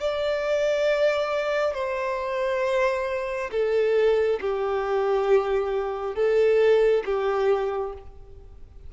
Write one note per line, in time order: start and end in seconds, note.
0.00 1.74 D5
1.74 3.51 C5
3.51 4.39 A4
4.41 6.15 G4
6.15 7.03 A4
7.05 7.93 G4